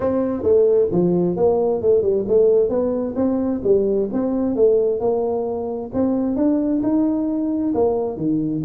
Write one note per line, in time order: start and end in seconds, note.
0.00 0.42 C4
0.42 0.88 A3
0.91 1.36 F3
1.36 1.81 A#3
1.81 2.01 A3
2.01 2.24 G3
2.28 2.69 A3
2.69 3.14 B3
3.15 3.61 C4
3.63 4.09 G3
4.12 4.55 C4
4.55 5.00 A3
5.00 5.90 A#3
5.93 6.36 C4
6.36 6.81 D4
6.82 7.73 D#4
7.74 8.17 A#3
8.17 8.62 D#3